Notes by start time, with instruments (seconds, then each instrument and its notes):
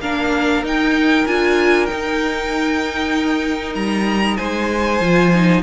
0.00 cello A#3, viola D4, violin A#4 F5
0.62 cello D#4, viola D#4, violin G5
1.26 cello D4, viola F4, violin G#5
1.85 viola D#4, cello D#4, violin G5
3.75 cello G3, violin A#5
4.36 cello G#3, violin C5 G#5
5.00 cello F3, viola F4
5.35 viola D#4